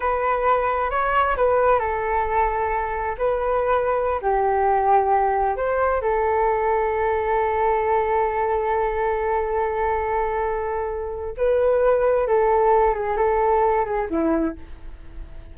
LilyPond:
\new Staff \with { instrumentName = "flute" } { \time 4/4 \tempo 4 = 132 b'2 cis''4 b'4 | a'2. b'4~ | b'4~ b'16 g'2~ g'8.~ | g'16 c''4 a'2~ a'8.~ |
a'1~ | a'1~ | a'4 b'2 a'4~ | a'8 gis'8 a'4. gis'8 e'4 | }